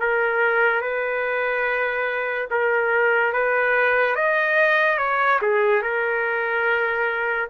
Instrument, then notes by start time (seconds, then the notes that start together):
trumpet
0.00 A#4
0.82 B4
2.51 A#4
3.33 B4
4.16 D#5
4.98 C#5
5.42 G#4
5.83 A#4